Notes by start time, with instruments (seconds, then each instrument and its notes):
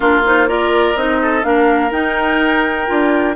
0.00 bassoon A#3, clarinet D4, oboe F4, flute A#4
0.24 clarinet D#4, flute C5
0.47 clarinet F4, oboe A#4, flute D5
0.95 bassoon C4, clarinet D#4, flute D#5
1.22 oboe A4
1.42 bassoon A#3, clarinet D4, oboe A#4, flute F5
1.91 bassoon D#4, clarinet D#4, flute G5
2.86 bassoon D4, clarinet F4